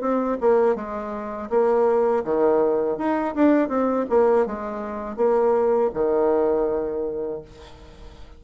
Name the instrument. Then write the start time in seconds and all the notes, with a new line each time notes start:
bassoon
0.00 C4
0.40 A#3
0.75 G#3
1.49 A#3
2.24 D#3
2.97 D#4
3.35 D4
3.68 C4
4.09 A#3
4.46 G#3
5.16 A#3
5.93 D#3